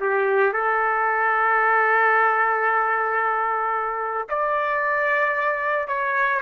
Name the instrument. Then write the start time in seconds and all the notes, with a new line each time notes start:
trumpet
0.00 G4
0.53 A4
4.29 D5
5.88 C#5